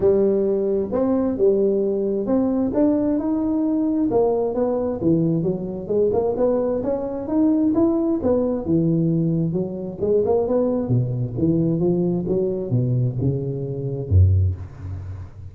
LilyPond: \new Staff \with { instrumentName = "tuba" } { \time 4/4 \tempo 4 = 132 g2 c'4 g4~ | g4 c'4 d'4 dis'4~ | dis'4 ais4 b4 e4 | fis4 gis8 ais8 b4 cis'4 |
dis'4 e'4 b4 e4~ | e4 fis4 gis8 ais8 b4 | b,4 e4 f4 fis4 | b,4 cis2 fis,4 | }